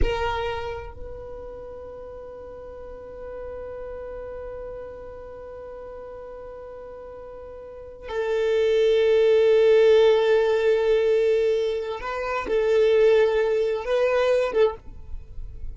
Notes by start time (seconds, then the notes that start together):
0.02 A#4
0.93 B4
8.08 A4
12.00 B4
12.47 A4
13.84 B4
14.52 A4